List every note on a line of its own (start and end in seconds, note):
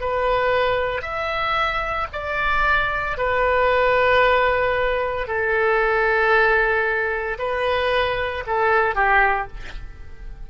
0.00 1.02 B4
1.02 2.07 E5
2.12 3.17 D5
3.17 5.27 B4
5.27 7.38 A4
7.39 8.44 B4
8.46 8.95 A4
8.95 9.48 G4